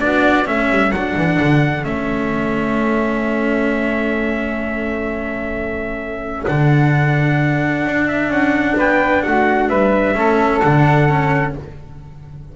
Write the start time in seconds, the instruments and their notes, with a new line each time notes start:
0.00 double bass B3, cello D4, flute F#4, trumpet D5
0.44 double bass A3, cello C#4, flute A4, trumpet E5
0.70 double bass G3
0.91 double bass F#3, cello D4, trumpet F#5
1.16 double bass E3
1.40 double bass D3
1.83 double bass A3, cello C#4, trumpet E5
6.46 double bass D3, cello D4, trumpet F#5
7.85 double bass D4
8.07 trumpet E5
8.28 double bass C#4, trumpet F#5
8.77 double bass B3, flute B4, trumpet G5
9.22 double bass A3, flute F#4, trumpet F#5
9.69 double bass G3, flute B4, trumpet E5
10.14 double bass A3, cello C#4, flute A4
10.61 double bass D3, cello D4, trumpet F#5
11.08 cello C#4